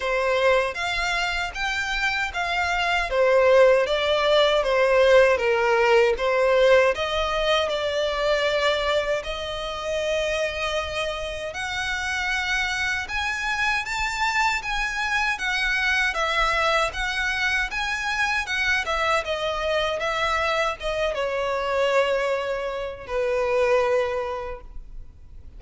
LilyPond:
\new Staff \with { instrumentName = "violin" } { \time 4/4 \tempo 4 = 78 c''4 f''4 g''4 f''4 | c''4 d''4 c''4 ais'4 | c''4 dis''4 d''2 | dis''2. fis''4~ |
fis''4 gis''4 a''4 gis''4 | fis''4 e''4 fis''4 gis''4 | fis''8 e''8 dis''4 e''4 dis''8 cis''8~ | cis''2 b'2 | }